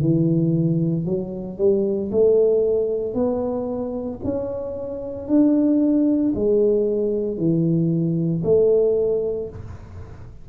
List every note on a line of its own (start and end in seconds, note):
0.00 1.05 E3
1.05 1.57 F#3
1.57 2.10 G3
2.11 3.13 A3
3.13 4.19 B3
4.24 5.27 C#4
5.27 6.33 D4
6.34 7.37 G#3
7.37 8.42 E3
8.43 9.48 A3